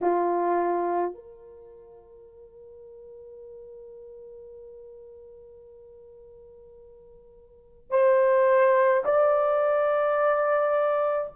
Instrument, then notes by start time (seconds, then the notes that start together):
horn
0.01 F4
1.14 A#4
7.90 C5
9.05 D5